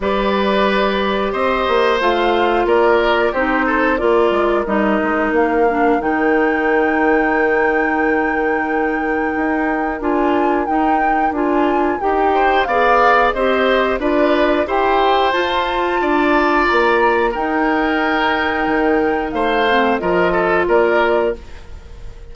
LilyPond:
<<
  \new Staff \with { instrumentName = "flute" } { \time 4/4 \tempo 4 = 90 d''2 dis''4 f''4 | d''4 c''4 d''4 dis''4 | f''4 g''2.~ | g''2. gis''4 |
g''4 gis''4 g''4 f''4 | dis''4 d''4 g''4 a''4~ | a''4 ais''4 g''2~ | g''4 f''4 dis''4 d''4 | }
  \new Staff \with { instrumentName = "oboe" } { \time 4/4 b'2 c''2 | ais'4 g'8 a'8 ais'2~ | ais'1~ | ais'1~ |
ais'2~ ais'8 c''8 d''4 | c''4 b'4 c''2 | d''2 ais'2~ | ais'4 c''4 ais'8 a'8 ais'4 | }
  \new Staff \with { instrumentName = "clarinet" } { \time 4/4 g'2. f'4~ | f'4 dis'4 f'4 dis'4~ | dis'8 d'8 dis'2.~ | dis'2. f'4 |
dis'4 f'4 g'4 gis'4 | g'4 f'4 g'4 f'4~ | f'2 dis'2~ | dis'4. c'8 f'2 | }
  \new Staff \with { instrumentName = "bassoon" } { \time 4/4 g2 c'8 ais8 a4 | ais4 c'4 ais8 gis8 g8 gis8 | ais4 dis2.~ | dis2 dis'4 d'4 |
dis'4 d'4 dis'4 b4 | c'4 d'4 e'4 f'4 | d'4 ais4 dis'2 | dis4 a4 f4 ais4 | }
>>